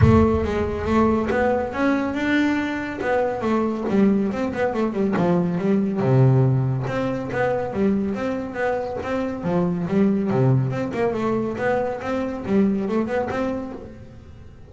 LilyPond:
\new Staff \with { instrumentName = "double bass" } { \time 4/4 \tempo 4 = 140 a4 gis4 a4 b4 | cis'4 d'2 b4 | a4 g4 c'8 b8 a8 g8 | f4 g4 c2 |
c'4 b4 g4 c'4 | b4 c'4 f4 g4 | c4 c'8 ais8 a4 b4 | c'4 g4 a8 b8 c'4 | }